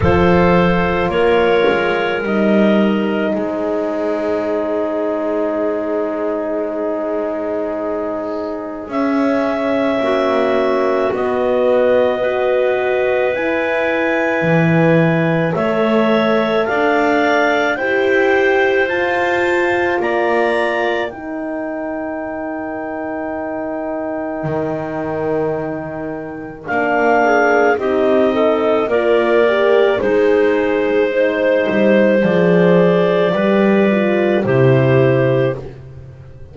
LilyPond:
<<
  \new Staff \with { instrumentName = "clarinet" } { \time 4/4 \tempo 4 = 54 c''4 cis''4 dis''4 c''4~ | c''1 | e''2 dis''2 | gis''2 e''4 f''4 |
g''4 a''4 ais''4 g''4~ | g''1 | f''4 dis''4 d''4 c''4~ | c''4 d''2 c''4 | }
  \new Staff \with { instrumentName = "clarinet" } { \time 4/4 a'4 ais'2 gis'4~ | gis'1~ | gis'4 fis'2 b'4~ | b'2 cis''4 d''4 |
c''2 d''4 ais'4~ | ais'1~ | ais'8 gis'8 g'8 a'8 ais'4 dis'4 | c''2 b'4 g'4 | }
  \new Staff \with { instrumentName = "horn" } { \time 4/4 f'2 dis'2~ | dis'1 | cis'2 b4 fis'4 | e'2 a'2 |
g'4 f'2 dis'4~ | dis'1 | d'4 dis'4 f'8 g'8 gis'4 | dis'4 gis'4 g'8 f'8 e'4 | }
  \new Staff \with { instrumentName = "double bass" } { \time 4/4 f4 ais8 gis8 g4 gis4~ | gis1 | cis'4 ais4 b2 | e'4 e4 a4 d'4 |
e'4 f'4 ais4 dis'4~ | dis'2 dis2 | ais4 c'4 ais4 gis4~ | gis8 g8 f4 g4 c4 | }
>>